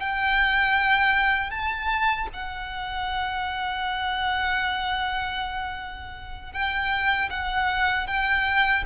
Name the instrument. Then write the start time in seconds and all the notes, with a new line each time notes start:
violin
0.00 G5
1.51 A5
2.34 F#5
6.53 G5
7.30 F#5
8.07 G5